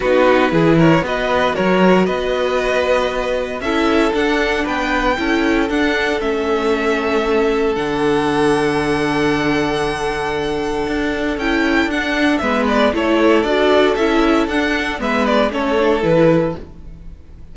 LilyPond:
<<
  \new Staff \with { instrumentName = "violin" } { \time 4/4 \tempo 4 = 116 b'4. cis''8 dis''4 cis''4 | dis''2. e''4 | fis''4 g''2 fis''4 | e''2. fis''4~ |
fis''1~ | fis''2 g''4 fis''4 | e''8 d''8 cis''4 d''4 e''4 | fis''4 e''8 d''8 cis''4 b'4 | }
  \new Staff \with { instrumentName = "violin" } { \time 4/4 fis'4 gis'8 ais'8 b'4 ais'4 | b'2. a'4~ | a'4 b'4 a'2~ | a'1~ |
a'1~ | a'1 | b'4 a'2.~ | a'4 b'4 a'2 | }
  \new Staff \with { instrumentName = "viola" } { \time 4/4 dis'4 e'4 fis'2~ | fis'2. e'4 | d'2 e'4 d'4 | cis'2. d'4~ |
d'1~ | d'2 e'4 d'4 | b4 e'4 fis'4 e'4 | d'4 b4 cis'8 d'8 e'4 | }
  \new Staff \with { instrumentName = "cello" } { \time 4/4 b4 e4 b4 fis4 | b2. cis'4 | d'4 b4 cis'4 d'4 | a2. d4~ |
d1~ | d4 d'4 cis'4 d'4 | gis4 a4 d'4 cis'4 | d'4 gis4 a4 e4 | }
>>